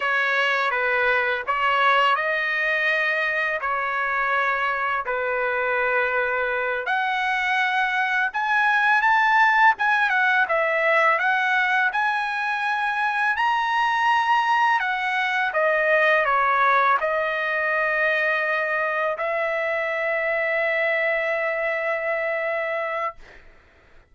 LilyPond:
\new Staff \with { instrumentName = "trumpet" } { \time 4/4 \tempo 4 = 83 cis''4 b'4 cis''4 dis''4~ | dis''4 cis''2 b'4~ | b'4. fis''2 gis''8~ | gis''8 a''4 gis''8 fis''8 e''4 fis''8~ |
fis''8 gis''2 ais''4.~ | ais''8 fis''4 dis''4 cis''4 dis''8~ | dis''2~ dis''8 e''4.~ | e''1 | }